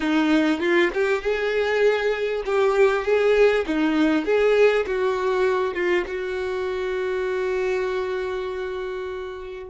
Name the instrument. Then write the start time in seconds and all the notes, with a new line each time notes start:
violin
0.00 D#4
0.60 F4
0.94 G4
1.22 G#4
2.45 G4
3.04 G#4
3.66 D#4
4.25 G#4
4.86 F#4
5.74 F4
6.06 F#4